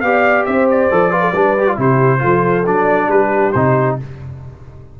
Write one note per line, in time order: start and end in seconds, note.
0.00 0.45 B3
0.00 0.91 G4
0.00 0.47 D5
0.00 0.44 F5
0.45 0.90 C4
0.45 1.11 C5
0.45 0.67 E5
0.70 1.80 D5
0.91 1.33 F3
0.91 1.11 A4
1.11 1.33 F4
1.11 1.20 B4
1.20 1.31 A4
1.32 1.77 G3
1.32 1.57 D4
1.32 1.76 B4
1.58 1.67 G4
1.67 1.76 F4
1.76 2.21 C3
1.76 2.18 E4
1.76 2.20 G4
1.76 2.66 C5
2.18 2.67 F3
2.18 2.62 F4
2.18 3.08 A4
2.66 3.07 F#3
2.66 3.53 D4
2.66 3.10 D5
3.07 3.51 G3
3.07 3.98 G4
3.07 3.52 B4
3.52 3.98 C3
3.52 3.99 D#4
3.52 3.96 C5